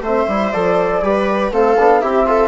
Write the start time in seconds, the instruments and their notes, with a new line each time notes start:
0.00 bassoon A3, trombone C4, viola C5, flute E5
0.27 bassoon G3, trombone E4
0.51 bassoon F3, trombone A4, flute D5
1.01 bassoon G3, trombone G4, viola B4
1.51 bassoon A3, trombone C4, viola A4, flute F5
1.78 bassoon B3, trombone D4
2.00 bassoon C4, trombone E4, viola G4, flute E5
2.26 trombone F4, viola A4